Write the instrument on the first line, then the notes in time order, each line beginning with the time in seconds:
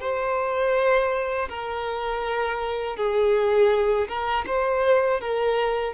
violin
0.00 C5
1.49 A#4
2.96 G#4
4.08 A#4
4.46 C5
5.21 A#4